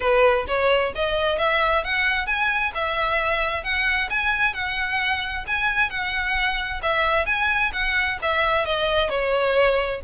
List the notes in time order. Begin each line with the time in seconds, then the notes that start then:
0.00 B4
0.47 C#5
0.95 D#5
1.38 E5
1.84 F#5
2.26 G#5
2.74 E5
3.63 F#5
4.10 G#5
4.53 F#5
5.47 G#5
5.90 F#5
6.82 E5
7.26 G#5
7.73 F#5
8.21 E5
8.65 D#5
9.09 C#5